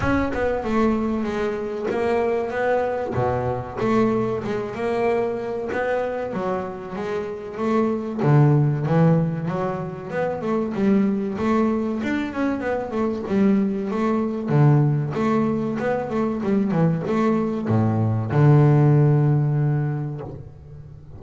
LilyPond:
\new Staff \with { instrumentName = "double bass" } { \time 4/4 \tempo 4 = 95 cis'8 b8 a4 gis4 ais4 | b4 b,4 a4 gis8 ais8~ | ais4 b4 fis4 gis4 | a4 d4 e4 fis4 |
b8 a8 g4 a4 d'8 cis'8 | b8 a8 g4 a4 d4 | a4 b8 a8 g8 e8 a4 | a,4 d2. | }